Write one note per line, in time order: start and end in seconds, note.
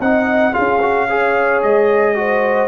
0.00 0.54 C4
0.00 0.52 D#4
0.00 0.52 D#5
0.00 0.54 F#5
0.52 1.63 C#4
0.52 0.79 F4
0.52 1.06 G#4
0.52 1.61 F5
0.81 1.08 F#4
1.08 2.14 G#4
1.08 2.16 C#5
1.62 2.68 G#3
1.62 2.68 D#5
2.14 2.68 F#4
2.14 2.68 C5